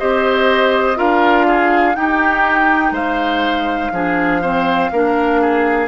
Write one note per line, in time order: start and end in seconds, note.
0.00 0.99 C4
0.00 0.96 G4
0.00 0.98 C5
0.00 0.98 D#5
0.96 1.96 D4
0.96 1.94 F4
0.96 1.47 A#4
0.96 1.96 F5
1.48 1.97 G#4
1.96 2.92 D#4
1.96 3.93 D#4
1.96 2.94 G4
1.96 2.94 G5
2.92 3.90 G#3
2.92 3.92 C5
2.92 5.89 F5
3.92 4.91 F3
3.92 4.43 D4
3.92 4.42 G#4
4.42 4.92 C4
4.42 4.91 C5
4.92 5.89 A#3
4.92 5.89 D4
4.92 5.41 A#4
5.41 5.89 G#4